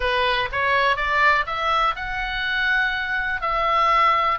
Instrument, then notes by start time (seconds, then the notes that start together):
oboe
0.00 B4
0.52 C#5
0.96 D5
1.46 E5
1.95 F#5
3.41 E5